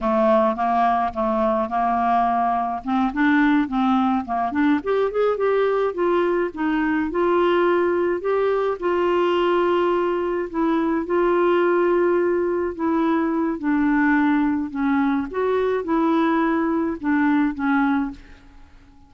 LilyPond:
\new Staff \with { instrumentName = "clarinet" } { \time 4/4 \tempo 4 = 106 a4 ais4 a4 ais4~ | ais4 c'8 d'4 c'4 ais8 | d'8 g'8 gis'8 g'4 f'4 dis'8~ | dis'8 f'2 g'4 f'8~ |
f'2~ f'8 e'4 f'8~ | f'2~ f'8 e'4. | d'2 cis'4 fis'4 | e'2 d'4 cis'4 | }